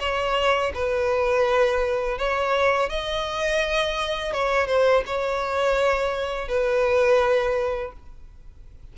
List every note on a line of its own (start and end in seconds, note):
0.00 0.72 C#5
0.75 2.19 B4
2.19 2.89 C#5
2.89 4.33 D#5
4.33 4.67 C#5
4.67 5.03 C5
5.06 6.48 C#5
6.48 7.93 B4